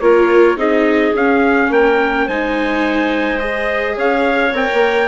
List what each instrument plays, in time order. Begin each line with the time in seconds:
0.00 bassoon A#3, viola F4, clarinet A#4, trumpet C#5
0.56 bassoon C4, viola D#4, clarinet G#4, trumpet D#5
1.14 bassoon C#4, viola C#4, trumpet F5
1.69 bassoon A#3, clarinet A#4, trumpet G5
2.26 bassoon G#3, viola D#4, clarinet C5, trumpet G#5
3.39 viola G#4, trumpet D#5
3.96 bassoon C#4, clarinet C#5, trumpet F5
4.52 bassoon C4, viola A#4, trumpet G5
4.73 bassoon A#3